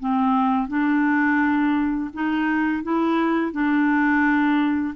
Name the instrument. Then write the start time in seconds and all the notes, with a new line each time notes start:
clarinet
0.00 C4
0.68 D4
2.13 D#4
2.83 E4
3.52 D4